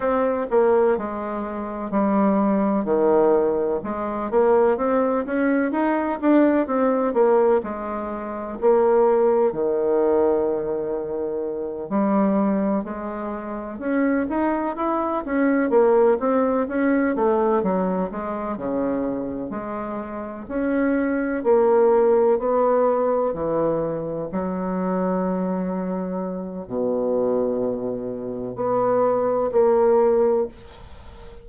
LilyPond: \new Staff \with { instrumentName = "bassoon" } { \time 4/4 \tempo 4 = 63 c'8 ais8 gis4 g4 dis4 | gis8 ais8 c'8 cis'8 dis'8 d'8 c'8 ais8 | gis4 ais4 dis2~ | dis8 g4 gis4 cis'8 dis'8 e'8 |
cis'8 ais8 c'8 cis'8 a8 fis8 gis8 cis8~ | cis8 gis4 cis'4 ais4 b8~ | b8 e4 fis2~ fis8 | b,2 b4 ais4 | }